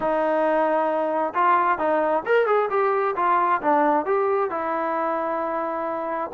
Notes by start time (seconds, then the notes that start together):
0.00 D#4
1.34 F4
1.78 D#4
2.25 A#4
2.46 G#4
2.70 G4
3.16 F4
3.61 D4
4.05 G4
4.50 E4